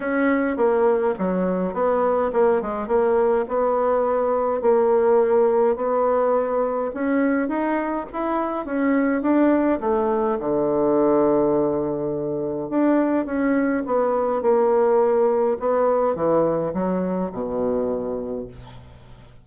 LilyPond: \new Staff \with { instrumentName = "bassoon" } { \time 4/4 \tempo 4 = 104 cis'4 ais4 fis4 b4 | ais8 gis8 ais4 b2 | ais2 b2 | cis'4 dis'4 e'4 cis'4 |
d'4 a4 d2~ | d2 d'4 cis'4 | b4 ais2 b4 | e4 fis4 b,2 | }